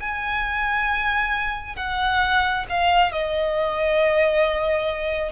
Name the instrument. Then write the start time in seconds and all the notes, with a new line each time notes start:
violin
0.00 G#5
1.76 F#5
2.69 F5
3.12 D#5